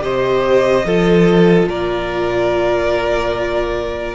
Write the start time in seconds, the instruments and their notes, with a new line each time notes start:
0.00 cello C3, viola G4, violin C5 D#5
0.85 cello F3, viola F4, violin A4
1.66 cello A#2, violin A#4 D5